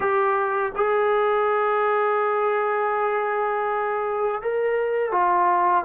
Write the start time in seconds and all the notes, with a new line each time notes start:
0.00 G4
0.75 G#4
4.41 A#4
5.11 F4